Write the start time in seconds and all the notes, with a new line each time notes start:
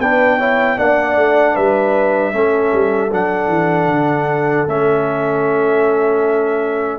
0.00 B3 D4 B4 G5
0.38 E4 C#5
0.78 A#3 D4 D5 F#5
1.17 A3
1.56 G3 B4 E5
2.33 A3 C#4 A4
2.73 G3
3.12 F#3 D4 F#5
3.48 E3
3.87 D3
4.68 A3 C#4 E5